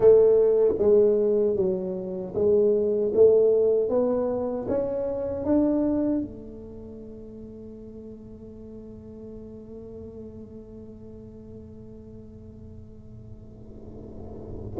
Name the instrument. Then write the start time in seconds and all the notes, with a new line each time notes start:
tuba
0.00 A3
0.78 G#3
1.56 F#3
2.34 G#3
3.14 A3
3.89 B3
4.68 C#4
5.44 D4
6.21 A3